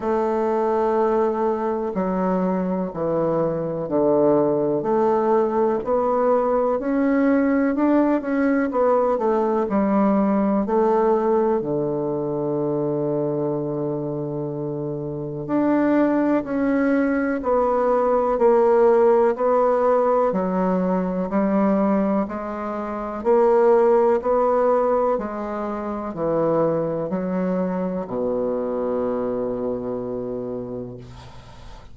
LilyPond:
\new Staff \with { instrumentName = "bassoon" } { \time 4/4 \tempo 4 = 62 a2 fis4 e4 | d4 a4 b4 cis'4 | d'8 cis'8 b8 a8 g4 a4 | d1 |
d'4 cis'4 b4 ais4 | b4 fis4 g4 gis4 | ais4 b4 gis4 e4 | fis4 b,2. | }